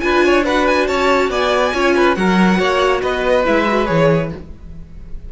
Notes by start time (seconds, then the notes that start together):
0.00 D4 F4 B4 G#5
0.25 C#5
0.45 F#4 B4 F#5
0.67 G#5
0.87 C#4 C#5 A5
1.29 B3 D5 G#5
1.74 C#4 F4 C#5
1.96 B4
2.15 F#3 F#4 A#4 F#5
2.59 A#3 C#5
3.02 B3 B4 D#5
3.45 G#3 E4 E5
3.68 F#4
3.86 E3 G#4 C#5